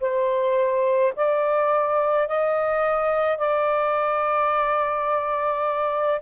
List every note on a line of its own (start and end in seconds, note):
0.00 1.13 C5
1.16 2.27 D5
2.27 3.38 D#5
3.38 6.21 D5